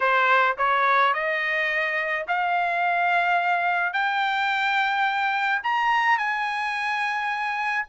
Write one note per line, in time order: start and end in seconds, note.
0.00 0.56 C5
0.57 1.13 C#5
1.13 2.25 D#5
2.27 3.93 F5
3.93 5.61 G5
5.63 6.17 A#5
6.17 7.86 G#5